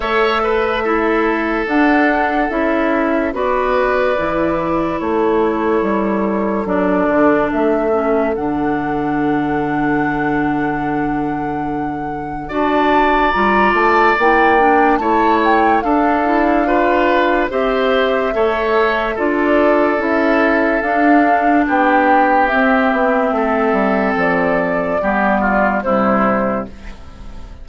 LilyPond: <<
  \new Staff \with { instrumentName = "flute" } { \time 4/4 \tempo 4 = 72 e''2 fis''4 e''4 | d''2 cis''2 | d''4 e''4 fis''2~ | fis''2. a''4 |
ais''8 a''8 g''4 a''8 g''8 f''4~ | f''4 e''2 d''4 | e''4 f''4 g''4 e''4~ | e''4 d''2 c''4 | }
  \new Staff \with { instrumentName = "oboe" } { \time 4/4 cis''8 b'8 a'2. | b'2 a'2~ | a'1~ | a'2. d''4~ |
d''2 cis''4 a'4 | b'4 c''4 cis''4 a'4~ | a'2 g'2 | a'2 g'8 f'8 e'4 | }
  \new Staff \with { instrumentName = "clarinet" } { \time 4/4 a'4 e'4 d'4 e'4 | fis'4 e'2. | d'4. cis'8 d'2~ | d'2. fis'4 |
f'4 e'8 d'8 e'4 d'8 e'8 | f'4 g'4 a'4 f'4 | e'4 d'2 c'4~ | c'2 b4 g4 | }
  \new Staff \with { instrumentName = "bassoon" } { \time 4/4 a2 d'4 cis'4 | b4 e4 a4 g4 | fis8 d8 a4 d2~ | d2. d'4 |
g8 a8 ais4 a4 d'4~ | d'4 c'4 a4 d'4 | cis'4 d'4 b4 c'8 b8 | a8 g8 f4 g4 c4 | }
>>